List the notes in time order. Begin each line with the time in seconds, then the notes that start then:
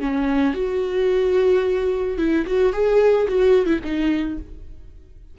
0.00 C#4
0.54 F#4
2.18 E4
2.47 F#4
2.73 G#4
3.28 F#4
3.66 E4
3.84 D#4